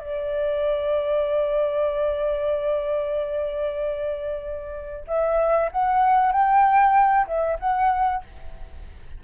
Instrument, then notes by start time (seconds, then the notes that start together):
flute
0.00 D5
5.07 E5
5.72 F#5
6.32 G5
7.27 E5
7.59 F#5